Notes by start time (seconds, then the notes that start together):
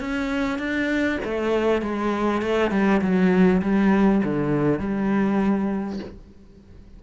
0.00 C#4
0.58 D4
1.24 A3
1.82 G#3
2.42 A3
2.71 G3
3.01 F#3
3.62 G3
4.24 D3
4.79 G3